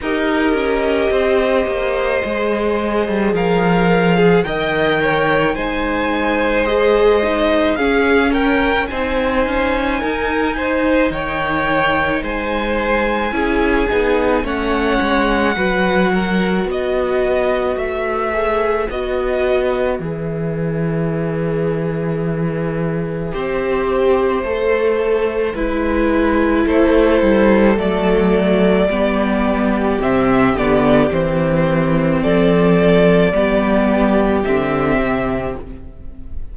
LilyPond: <<
  \new Staff \with { instrumentName = "violin" } { \time 4/4 \tempo 4 = 54 dis''2. f''4 | g''4 gis''4 dis''4 f''8 g''8 | gis''2 g''4 gis''4~ | gis''4 fis''2 dis''4 |
e''4 dis''4 e''2~ | e''1 | c''4 d''2 e''8 d''8 | c''4 d''2 e''4 | }
  \new Staff \with { instrumentName = "violin" } { \time 4/4 ais'4 c''2 ais'8. gis'16 | dis''8 cis''8 c''2 gis'8 ais'8 | c''4 ais'8 c''8 cis''4 c''4 | gis'4 cis''4 b'8 ais'8 b'4~ |
b'1~ | b'4 c''2 b'4 | a'2 g'2~ | g'4 a'4 g'2 | }
  \new Staff \with { instrumentName = "viola" } { \time 4/4 g'2 gis'2 | ais'4 dis'4 gis'8 dis'8 cis'4 | dis'1 | e'8 dis'8 cis'4 fis'2~ |
fis'8 gis'8 fis'4 gis'2~ | gis'4 g'4 a'4 e'4~ | e'4 a4 b4 c'8 b8 | c'2 b4 c'4 | }
  \new Staff \with { instrumentName = "cello" } { \time 4/4 dis'8 cis'8 c'8 ais8 gis8. g16 f4 | dis4 gis2 cis'4 | c'8 cis'8 dis'4 dis4 gis4 | cis'8 b8 a8 gis8 fis4 b4 |
a4 b4 e2~ | e4 c'4 a4 gis4 | a8 g8 fis4 g4 c8 d8 | e4 f4 g4 d8 c8 | }
>>